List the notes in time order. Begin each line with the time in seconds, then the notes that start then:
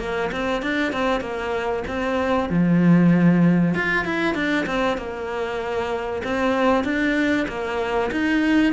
0.00 A#3
0.32 C4
0.62 D4
0.93 C4
1.21 A#3
1.88 C4
2.50 F3
3.75 F4
4.05 E4
4.35 D4
4.66 C4
4.98 A#3
6.24 C4
6.85 D4
7.49 A#3
8.12 D#4